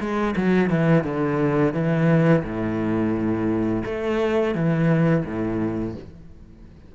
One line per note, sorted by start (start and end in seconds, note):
0.00 0.35 G#3
0.36 0.70 F#3
0.70 1.04 E3
1.04 1.73 D3
1.73 2.43 E3
2.44 3.83 A2
3.85 4.55 A3
4.55 5.25 E3
5.25 5.95 A2